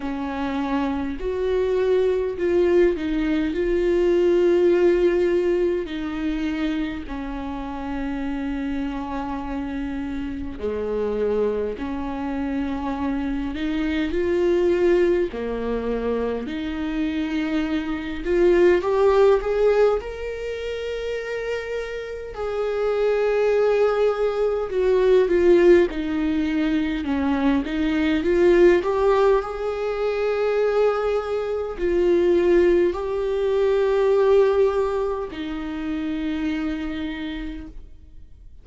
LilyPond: \new Staff \with { instrumentName = "viola" } { \time 4/4 \tempo 4 = 51 cis'4 fis'4 f'8 dis'8 f'4~ | f'4 dis'4 cis'2~ | cis'4 gis4 cis'4. dis'8 | f'4 ais4 dis'4. f'8 |
g'8 gis'8 ais'2 gis'4~ | gis'4 fis'8 f'8 dis'4 cis'8 dis'8 | f'8 g'8 gis'2 f'4 | g'2 dis'2 | }